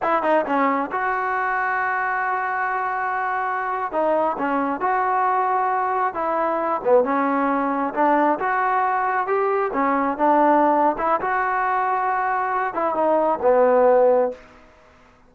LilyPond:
\new Staff \with { instrumentName = "trombone" } { \time 4/4 \tempo 4 = 134 e'8 dis'8 cis'4 fis'2~ | fis'1~ | fis'8. dis'4 cis'4 fis'4~ fis'16~ | fis'4.~ fis'16 e'4. b8 cis'16~ |
cis'4.~ cis'16 d'4 fis'4~ fis'16~ | fis'8. g'4 cis'4 d'4~ d'16~ | d'8 e'8 fis'2.~ | fis'8 e'8 dis'4 b2 | }